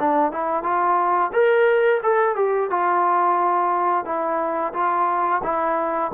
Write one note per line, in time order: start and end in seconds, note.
0.00 0.33 D4
0.33 0.64 E4
0.64 1.32 F4
1.34 2.02 A#4
2.03 2.36 A4
2.36 2.71 G4
2.71 4.05 F4
4.05 4.74 E4
4.74 5.42 F4
5.44 6.12 E4